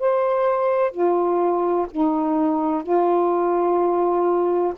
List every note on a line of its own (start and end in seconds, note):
0.00 0.92 C5
0.92 1.87 F4
1.91 2.83 D#4
2.83 4.74 F4